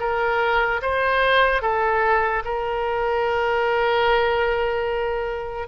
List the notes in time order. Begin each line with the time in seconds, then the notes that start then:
0.00 A#4
0.82 C5
1.62 A4
2.45 A#4